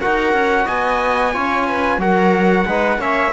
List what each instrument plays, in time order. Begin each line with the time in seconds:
0.00 cello D#4, trombone F#4, viola A#4, trumpet F#5
0.33 cello C#4
0.65 cello B3, viola D#5, trumpet G#5
1.33 cello C#4, trombone F4, viola C#5
1.67 viola B4
1.97 cello F#3, trombone F#4, viola A#4, trumpet F#5
2.66 cello G#3, trombone D#4, viola B4
2.98 cello A#3, trombone C#4, viola C#5, trumpet E5